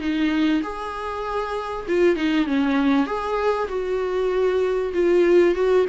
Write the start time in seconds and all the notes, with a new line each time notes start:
0.00 D#4
0.63 G#4
1.88 F4
2.16 D#4
2.46 C#4
3.06 G#4
3.69 F#4
4.94 F4
5.55 F#4